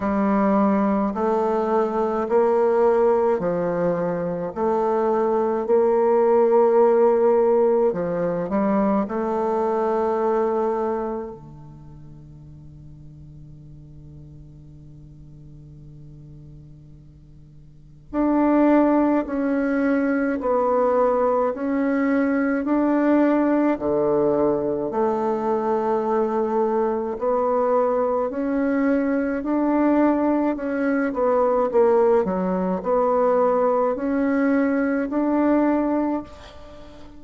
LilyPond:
\new Staff \with { instrumentName = "bassoon" } { \time 4/4 \tempo 4 = 53 g4 a4 ais4 f4 | a4 ais2 f8 g8 | a2 d2~ | d1 |
d'4 cis'4 b4 cis'4 | d'4 d4 a2 | b4 cis'4 d'4 cis'8 b8 | ais8 fis8 b4 cis'4 d'4 | }